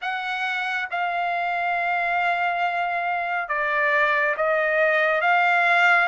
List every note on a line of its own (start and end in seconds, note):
0.01 0.88 F#5
0.91 3.48 F5
3.48 4.35 D5
4.36 5.21 D#5
5.21 6.07 F5